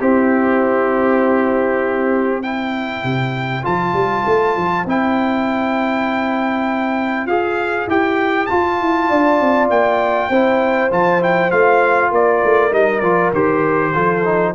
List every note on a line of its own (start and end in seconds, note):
0.00 2.42 C4
0.00 3.03 C4
0.00 2.41 E4
0.00 2.42 G4
2.41 3.63 E4
2.41 9.08 C5
2.41 3.63 G5
3.03 3.63 C3
3.63 3.93 F3
3.63 4.84 F4
3.63 4.86 A5
3.93 4.23 G3
4.26 4.56 A3
4.56 4.85 F3
4.85 7.26 C4
4.85 7.28 E4
4.85 7.26 G5
7.26 7.86 F4
7.26 7.88 G#4
7.26 7.87 F5
7.87 8.47 E4
7.87 8.49 G4
7.87 8.46 G5
8.46 10.31 F4
8.46 8.80 F4
8.46 9.67 A5
8.80 9.10 E4
9.09 9.40 D4
9.09 10.29 D5
9.40 9.69 C4
9.69 10.29 A#3
9.69 10.91 G5
10.29 10.90 C4
10.29 10.90 E4
10.29 12.11 C5
10.90 11.51 F3
10.90 11.20 F4
10.90 11.22 A5
11.20 11.50 E4
11.20 11.51 G5
11.50 12.11 A3
11.50 12.71 F4
11.50 12.11 F5
12.11 12.41 A#3
12.11 13.93 A#4
12.11 12.73 D5
12.44 12.72 A3
12.71 13.01 G3
12.71 13.01 D#4
12.71 13.00 D#5
13.00 13.31 F3
13.00 13.33 F4
13.00 13.30 D5
13.32 13.93 D#3
13.32 13.94 G4
13.32 14.54 C5
13.93 14.54 F3
13.93 14.24 F4
13.93 14.53 A4
14.24 14.54 D#4